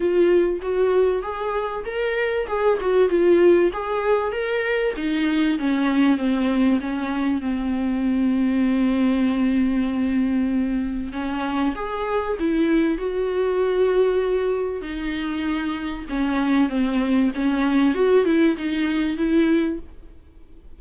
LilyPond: \new Staff \with { instrumentName = "viola" } { \time 4/4 \tempo 4 = 97 f'4 fis'4 gis'4 ais'4 | gis'8 fis'8 f'4 gis'4 ais'4 | dis'4 cis'4 c'4 cis'4 | c'1~ |
c'2 cis'4 gis'4 | e'4 fis'2. | dis'2 cis'4 c'4 | cis'4 fis'8 e'8 dis'4 e'4 | }